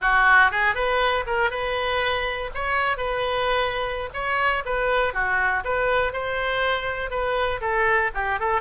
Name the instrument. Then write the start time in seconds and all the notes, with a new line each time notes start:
oboe
0.01 F#4
0.51 G#4
0.74 B4
1.26 A#4
1.50 B4
2.54 C#5
2.97 B4
4.13 C#5
4.65 B4
5.13 F#4
5.64 B4
6.12 C5
7.10 B4
7.60 A4
8.14 G4
8.39 A4